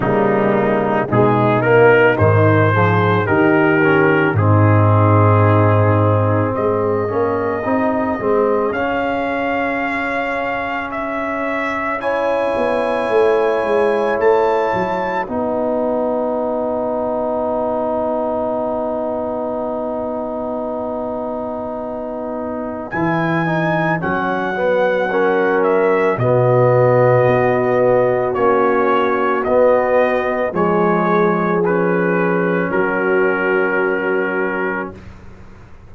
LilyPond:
<<
  \new Staff \with { instrumentName = "trumpet" } { \time 4/4 \tempo 4 = 55 dis'4 gis'8 ais'8 c''4 ais'4 | gis'2 dis''2 | f''2 e''4 gis''4~ | gis''4 a''4 fis''2~ |
fis''1~ | fis''4 gis''4 fis''4. e''8 | dis''2 cis''4 dis''4 | cis''4 b'4 ais'2 | }
  \new Staff \with { instrumentName = "horn" } { \time 4/4 ais4 dis'4. gis'8 g'4 | dis'2 gis'2~ | gis'2. cis''4~ | cis''2 b'2~ |
b'1~ | b'2. ais'4 | fis'1 | gis'2 fis'2 | }
  \new Staff \with { instrumentName = "trombone" } { \time 4/4 g4 gis8 ais8 dis8 f8 dis'8 cis'8 | c'2~ c'8 cis'8 dis'8 c'8 | cis'2. e'4~ | e'2 dis'2~ |
dis'1~ | dis'4 e'8 dis'8 cis'8 b8 cis'4 | b2 cis'4 b4 | gis4 cis'2. | }
  \new Staff \with { instrumentName = "tuba" } { \time 4/4 cis4 b,4 gis,4 dis4 | gis,2 gis8 ais8 c'8 gis8 | cis'2.~ cis'8 b8 | a8 gis8 a8 fis8 b2~ |
b1~ | b4 e4 fis2 | b,4 b4 ais4 b4 | f2 fis2 | }
>>